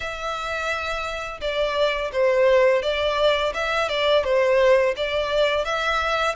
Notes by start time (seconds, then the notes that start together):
0.00 E5
1.40 D5
2.12 C5
2.82 D5
3.54 E5
3.88 D5
4.24 C5
4.96 D5
5.65 E5